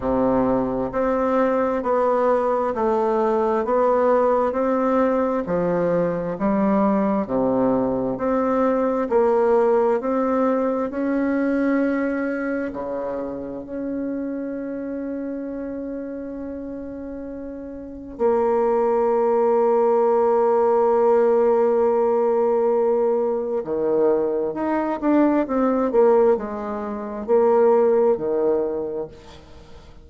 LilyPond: \new Staff \with { instrumentName = "bassoon" } { \time 4/4 \tempo 4 = 66 c4 c'4 b4 a4 | b4 c'4 f4 g4 | c4 c'4 ais4 c'4 | cis'2 cis4 cis'4~ |
cis'1 | ais1~ | ais2 dis4 dis'8 d'8 | c'8 ais8 gis4 ais4 dis4 | }